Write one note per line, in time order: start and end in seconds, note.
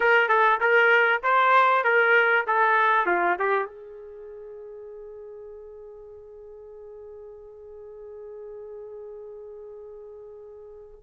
0.00 0.28 A#4
0.28 0.59 A4
0.60 1.21 A#4
1.23 1.84 C5
1.84 2.45 A#4
2.47 3.06 A4
3.06 3.36 F4
3.38 3.65 G4
3.65 11.00 G#4